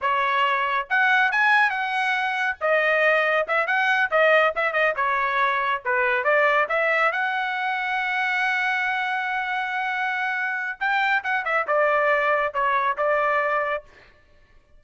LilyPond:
\new Staff \with { instrumentName = "trumpet" } { \time 4/4 \tempo 4 = 139 cis''2 fis''4 gis''4 | fis''2 dis''2 | e''8 fis''4 dis''4 e''8 dis''8 cis''8~ | cis''4. b'4 d''4 e''8~ |
e''8 fis''2.~ fis''8~ | fis''1~ | fis''4 g''4 fis''8 e''8 d''4~ | d''4 cis''4 d''2 | }